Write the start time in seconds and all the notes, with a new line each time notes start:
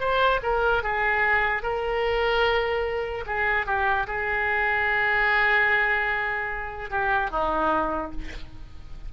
0.00 C5
0.43 A#4
0.83 G#4
1.63 A#4
3.27 G#4
3.66 G4
4.07 G#4
6.91 G4
7.31 D#4